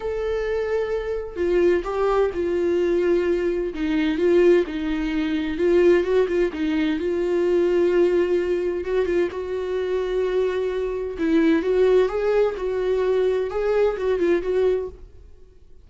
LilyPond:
\new Staff \with { instrumentName = "viola" } { \time 4/4 \tempo 4 = 129 a'2. f'4 | g'4 f'2. | dis'4 f'4 dis'2 | f'4 fis'8 f'8 dis'4 f'4~ |
f'2. fis'8 f'8 | fis'1 | e'4 fis'4 gis'4 fis'4~ | fis'4 gis'4 fis'8 f'8 fis'4 | }